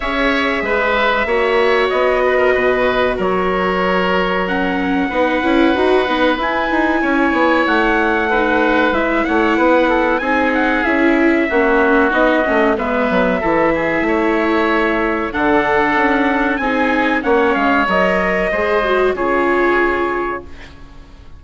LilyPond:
<<
  \new Staff \with { instrumentName = "trumpet" } { \time 4/4 \tempo 4 = 94 e''2. dis''4~ | dis''4 cis''2 fis''4~ | fis''2 gis''2 | fis''2 e''8 fis''4. |
gis''8 fis''8 e''2 dis''4 | e''1 | fis''2 gis''4 fis''8 f''8 | dis''2 cis''2 | }
  \new Staff \with { instrumentName = "oboe" } { \time 4/4 cis''4 b'4 cis''4. b'16 ais'16 | b'4 ais'2. | b'2. cis''4~ | cis''4 b'4. cis''8 b'8 a'8 |
gis'2 fis'2 | b'4 a'8 gis'8 cis''2 | a'2 gis'4 cis''4~ | cis''4 c''4 gis'2 | }
  \new Staff \with { instrumentName = "viola" } { \time 4/4 gis'2 fis'2~ | fis'2. cis'4 | dis'8 e'8 fis'8 dis'8 e'2~ | e'4 dis'4 e'2 |
dis'4 e'4 cis'4 dis'8 cis'8 | b4 e'2. | d'2 dis'4 cis'4 | ais'4 gis'8 fis'8 f'2 | }
  \new Staff \with { instrumentName = "bassoon" } { \time 4/4 cis'4 gis4 ais4 b4 | b,4 fis2. | b8 cis'8 dis'8 b8 e'8 dis'8 cis'8 b8 | a2 gis8 a8 b4 |
c'4 cis'4 ais4 b8 a8 | gis8 fis8 e4 a2 | d4 cis'4 c'4 ais8 gis8 | fis4 gis4 cis2 | }
>>